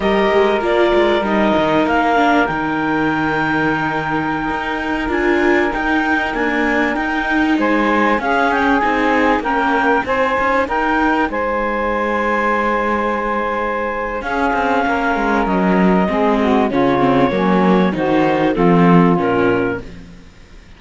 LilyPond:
<<
  \new Staff \with { instrumentName = "clarinet" } { \time 4/4 \tempo 4 = 97 dis''4 d''4 dis''4 f''4 | g''1~ | g''16 gis''4 g''4 gis''4 g''8.~ | g''16 gis''4 f''8 g''8 gis''4 g''8.~ |
g''16 gis''4 g''4 gis''4.~ gis''16~ | gis''2. f''4~ | f''4 dis''2 cis''4~ | cis''4 c''4 a'4 ais'4 | }
  \new Staff \with { instrumentName = "saxophone" } { \time 4/4 ais'1~ | ais'1~ | ais'1~ | ais'16 c''4 gis'2 ais'8.~ |
ais'16 c''4 ais'4 c''4.~ c''16~ | c''2. gis'4 | ais'2 gis'8 fis'8 f'4 | cis'4 fis'4 f'2 | }
  \new Staff \with { instrumentName = "viola" } { \time 4/4 g'4 f'4 dis'4. d'8 | dis'1~ | dis'16 f'4 dis'4 ais4 dis'8.~ | dis'4~ dis'16 cis'4 dis'4 cis'8.~ |
cis'16 dis'2.~ dis'8.~ | dis'2. cis'4~ | cis'2 c'4 cis'8 c'8 | ais4 dis'4 c'4 cis'4 | }
  \new Staff \with { instrumentName = "cello" } { \time 4/4 g8 gis8 ais8 gis8 g8 dis8 ais4 | dis2.~ dis16 dis'8.~ | dis'16 d'4 dis'4 d'4 dis'8.~ | dis'16 gis4 cis'4 c'4 ais8.~ |
ais16 c'8 cis'8 dis'4 gis4.~ gis16~ | gis2. cis'8 c'8 | ais8 gis8 fis4 gis4 cis4 | fis4 dis4 f4 ais,4 | }
>>